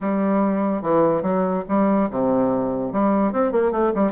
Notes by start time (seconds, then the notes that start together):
0.00 G3
0.82 E3
1.22 F#3
1.68 G3
2.10 C3
2.92 G3
3.32 C4
3.52 A#3
3.71 A3
3.94 G3